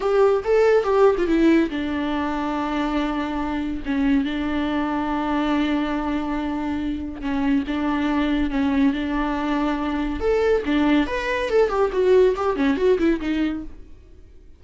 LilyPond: \new Staff \with { instrumentName = "viola" } { \time 4/4 \tempo 4 = 141 g'4 a'4 g'8. f'16 e'4 | d'1~ | d'4 cis'4 d'2~ | d'1~ |
d'4 cis'4 d'2 | cis'4 d'2. | a'4 d'4 b'4 a'8 g'8 | fis'4 g'8 cis'8 fis'8 e'8 dis'4 | }